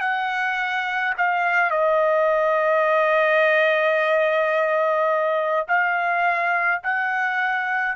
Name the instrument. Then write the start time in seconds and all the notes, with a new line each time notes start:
trumpet
0.00 F#5
1.17 F5
1.70 D#5
5.68 F5
6.83 F#5